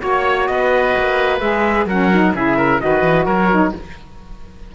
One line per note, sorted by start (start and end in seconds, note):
0.00 0.49 A#3
0.00 1.40 F#4
0.00 0.47 C#5
0.00 0.50 C#5
0.47 0.95 B3
0.47 1.87 B4
0.47 1.40 D#5
0.97 1.41 A#3
1.40 1.86 G#3
1.40 1.87 G#4
1.40 1.87 E5
1.86 2.32 F#3
1.86 2.13 C#4
1.86 2.33 A#4
1.86 2.35 F#5
2.13 2.36 D#4
2.35 2.81 C#3
2.35 2.80 E4
2.35 2.57 G#4
2.35 2.81 E5
2.57 2.80 A#4
2.80 3.02 D#3
2.80 3.50 F#4
2.80 3.25 B4
2.80 3.26 D#5
3.02 3.25 E3
3.25 3.72 F#3
3.25 3.72 A#4
3.25 3.73 C#5
3.51 3.75 D#4